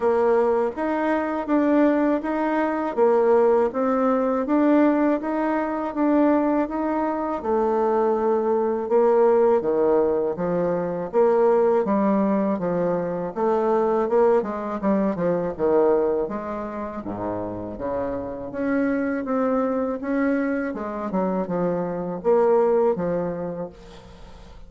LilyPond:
\new Staff \with { instrumentName = "bassoon" } { \time 4/4 \tempo 4 = 81 ais4 dis'4 d'4 dis'4 | ais4 c'4 d'4 dis'4 | d'4 dis'4 a2 | ais4 dis4 f4 ais4 |
g4 f4 a4 ais8 gis8 | g8 f8 dis4 gis4 gis,4 | cis4 cis'4 c'4 cis'4 | gis8 fis8 f4 ais4 f4 | }